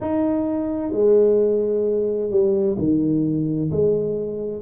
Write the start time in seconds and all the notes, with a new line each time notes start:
0.00 D#4
0.91 G#3
2.30 G3
2.78 D#3
3.71 G#3